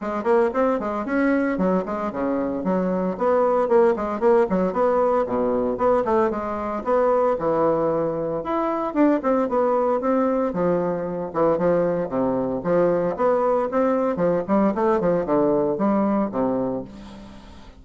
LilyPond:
\new Staff \with { instrumentName = "bassoon" } { \time 4/4 \tempo 4 = 114 gis8 ais8 c'8 gis8 cis'4 fis8 gis8 | cis4 fis4 b4 ais8 gis8 | ais8 fis8 b4 b,4 b8 a8 | gis4 b4 e2 |
e'4 d'8 c'8 b4 c'4 | f4. e8 f4 c4 | f4 b4 c'4 f8 g8 | a8 f8 d4 g4 c4 | }